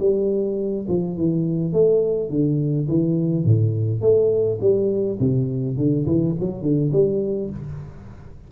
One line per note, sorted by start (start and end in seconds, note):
0.00 0.87 G3
0.89 1.17 F3
1.17 1.73 E3
1.73 2.30 A3
2.30 2.88 D3
2.89 3.45 E3
3.45 4.01 A2
4.01 4.59 A3
4.61 5.19 G3
5.20 5.77 C3
5.77 6.06 D3
6.07 6.35 E3
6.40 6.62 F#3
6.62 6.91 D3
6.93 7.51 G3